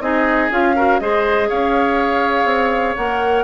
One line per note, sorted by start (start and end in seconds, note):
0.00 0.49 C4
0.00 0.51 D#4
0.00 0.75 G#4
0.00 0.50 D#5
0.51 1.00 C#4
0.51 0.75 F4
0.51 0.99 F5
0.75 1.00 F#4
0.75 1.00 A#4
0.99 1.49 G#3
0.99 2.97 G#4
0.99 1.49 C5
0.99 1.49 D#5
1.49 2.45 C#4
1.49 3.44 C#5
1.49 2.96 F5
2.45 2.94 C4
2.96 3.44 A#3
2.96 3.44 A#4
2.96 3.44 F#5